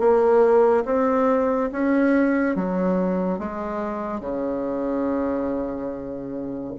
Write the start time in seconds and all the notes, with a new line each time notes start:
0.00 A#3
0.86 C4
1.72 C#4
2.56 F#3
3.39 G#3
4.21 C#3